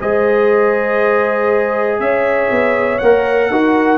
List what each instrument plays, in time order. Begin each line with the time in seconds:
0.00 tuba G#3, trombone G#4, horn C5, trumpet D#5
2.00 tuba C#4, horn C#5, trumpet E5
2.51 tuba B3
2.99 tuba A#3, trombone A#4, trumpet F#5
3.50 tuba D#4, trombone F#4, horn A#4